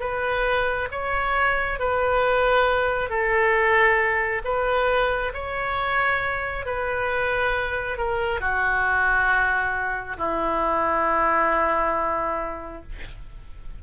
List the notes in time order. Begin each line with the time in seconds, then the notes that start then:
0.00 B4
0.91 C#5
1.79 B4
3.10 A4
4.44 B4
5.34 C#5
6.66 B4
7.98 A#4
8.40 F#4
10.18 E4